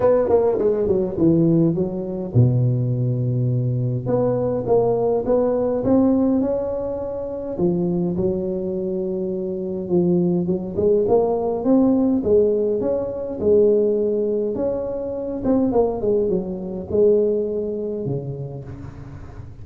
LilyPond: \new Staff \with { instrumentName = "tuba" } { \time 4/4 \tempo 4 = 103 b8 ais8 gis8 fis8 e4 fis4 | b,2. b4 | ais4 b4 c'4 cis'4~ | cis'4 f4 fis2~ |
fis4 f4 fis8 gis8 ais4 | c'4 gis4 cis'4 gis4~ | gis4 cis'4. c'8 ais8 gis8 | fis4 gis2 cis4 | }